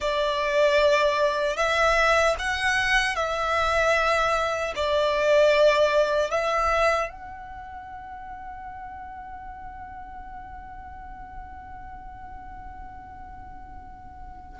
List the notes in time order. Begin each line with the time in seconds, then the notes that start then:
0.00 D5
1.56 E5
2.38 F#5
3.15 E5
4.75 D5
6.30 E5
7.09 F#5